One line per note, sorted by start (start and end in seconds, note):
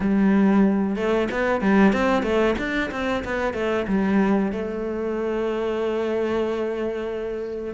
0.00 0.96 G3
0.96 1.28 A3
1.31 1.61 B3
1.61 1.92 G3
1.92 2.23 C4
2.23 2.55 A3
2.58 2.90 D4
2.91 3.23 C4
3.24 3.53 B3
3.53 3.85 A3
3.87 4.52 G3
4.52 7.74 A3